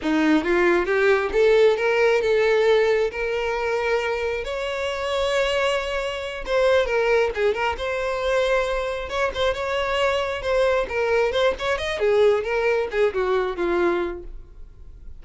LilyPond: \new Staff \with { instrumentName = "violin" } { \time 4/4 \tempo 4 = 135 dis'4 f'4 g'4 a'4 | ais'4 a'2 ais'4~ | ais'2 cis''2~ | cis''2~ cis''8 c''4 ais'8~ |
ais'8 gis'8 ais'8 c''2~ c''8~ | c''8 cis''8 c''8 cis''2 c''8~ | c''8 ais'4 c''8 cis''8 dis''8 gis'4 | ais'4 gis'8 fis'4 f'4. | }